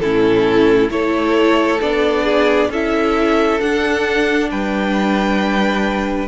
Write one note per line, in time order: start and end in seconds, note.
0.00 0.90 A2
0.00 0.89 C#4
0.00 0.92 E4
0.00 0.90 A4
0.89 1.80 A3
0.89 1.79 E4
0.89 2.24 A4
0.89 1.81 C#5
1.81 2.70 B3
1.81 2.71 D4
1.81 2.71 D5
2.24 2.69 G#4
2.70 3.59 C#4
2.70 3.60 E4
2.70 4.50 A4
2.70 3.60 E5
3.60 6.28 D4
3.60 4.52 D4
3.60 4.50 F#5
4.51 6.28 G3
4.51 6.28 B4
4.51 6.28 G5